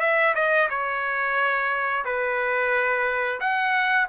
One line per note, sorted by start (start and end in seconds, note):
0.00 0.34 E5
0.35 0.68 D#5
0.69 2.04 C#5
2.05 3.40 B4
3.40 4.07 F#5